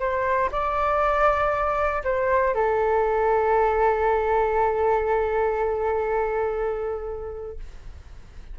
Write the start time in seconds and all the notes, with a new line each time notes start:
0.00 C5
0.52 D5
2.04 C5
2.55 A4